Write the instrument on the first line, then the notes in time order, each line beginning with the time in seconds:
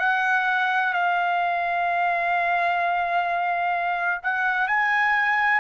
trumpet
0.00 F#5
0.94 F5
4.24 F#5
4.68 G#5